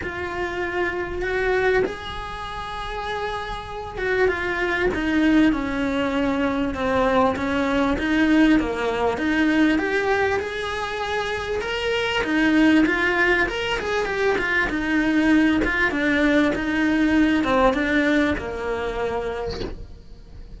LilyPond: \new Staff \with { instrumentName = "cello" } { \time 4/4 \tempo 4 = 98 f'2 fis'4 gis'4~ | gis'2~ gis'8 fis'8 f'4 | dis'4 cis'2 c'4 | cis'4 dis'4 ais4 dis'4 |
g'4 gis'2 ais'4 | dis'4 f'4 ais'8 gis'8 g'8 f'8 | dis'4. f'8 d'4 dis'4~ | dis'8 c'8 d'4 ais2 | }